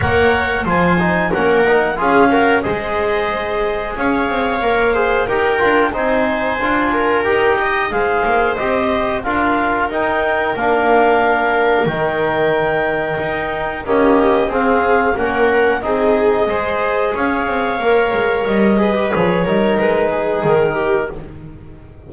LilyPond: <<
  \new Staff \with { instrumentName = "clarinet" } { \time 4/4 \tempo 4 = 91 fis''4 gis''4 fis''4 f''4 | dis''2 f''2 | g''4 gis''2 g''4 | f''4 dis''4 f''4 g''4 |
f''2 g''2~ | g''4 dis''4 f''4 fis''4 | dis''2 f''2 | dis''4 cis''4 b'4 ais'4 | }
  \new Staff \with { instrumentName = "viola" } { \time 4/4 cis''4 c''4 ais'4 gis'8 ais'8 | c''2 cis''4. c''8 | ais'4 c''4. ais'4 dis''8 | c''2 ais'2~ |
ais'1~ | ais'4 g'4 gis'4 ais'4 | gis'4 c''4 cis''2~ | cis''8 b'4 ais'4 gis'4 g'8 | }
  \new Staff \with { instrumentName = "trombone" } { \time 4/4 ais'4 f'8 dis'8 cis'8 dis'8 f'8 fis'8 | gis'2. ais'8 gis'8 | g'8 f'8 dis'4 f'4 g'4 | gis'4 g'4 f'4 dis'4 |
d'2 dis'2~ | dis'4 ais4 c'4 cis'4 | dis'4 gis'2 ais'4~ | ais'8 gis'16 g'16 gis'8 dis'2~ dis'8 | }
  \new Staff \with { instrumentName = "double bass" } { \time 4/4 ais4 f4 ais4 cis'4 | gis2 cis'8 c'8 ais4 | dis'8 d'8 c'4 d'4 dis'4 | gis8 ais8 c'4 d'4 dis'4 |
ais2 dis2 | dis'4 cis'4 c'4 ais4 | c'4 gis4 cis'8 c'8 ais8 gis8 | g4 f8 g8 gis4 dis4 | }
>>